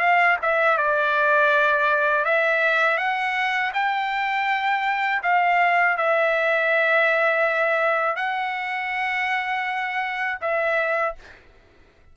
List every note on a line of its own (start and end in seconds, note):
0.00 0.37 F5
0.42 0.77 E5
0.77 2.25 D5
2.25 2.98 E5
2.98 3.72 F#5
3.74 5.22 G5
5.23 5.97 F5
5.97 8.16 E5
8.16 10.38 F#5
10.41 11.15 E5